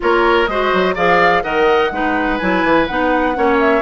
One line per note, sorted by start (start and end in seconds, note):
0.00 0.47 A#3
0.00 0.48 F4
0.00 0.49 A#4
0.00 0.47 C#5
0.47 0.71 G#3
0.47 0.95 F#4
0.47 0.95 C5
0.47 0.95 D#5
0.73 0.96 F#3
0.95 1.43 F3
0.95 1.42 G#4
0.95 1.43 D5
0.95 1.42 F5
1.42 1.91 D#3
1.42 1.90 A#4
1.42 1.91 D#5
1.42 2.38 F#5
1.91 2.39 G#3
1.91 2.40 D#4
1.91 3.37 B4
2.38 2.63 F#3
2.38 2.88 E4
2.38 2.86 G#5
2.63 2.87 E3
2.86 3.36 B3
2.86 3.35 D#4
2.86 3.58 F#5
3.35 3.82 A#3
3.35 3.82 C#4
3.35 3.82 C#5
3.59 3.82 E5